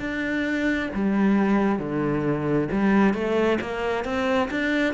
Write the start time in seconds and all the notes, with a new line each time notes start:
0.00 D4
0.95 G3
1.79 D3
2.72 G3
3.14 A3
3.61 A#3
4.05 C4
4.51 D4